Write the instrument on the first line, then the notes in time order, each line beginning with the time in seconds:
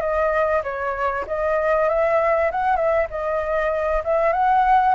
flute
0.00 D#5
0.63 C#5
1.27 D#5
1.89 E5
2.51 F#5
2.76 E5
3.10 D#5
4.04 E5
4.32 F#5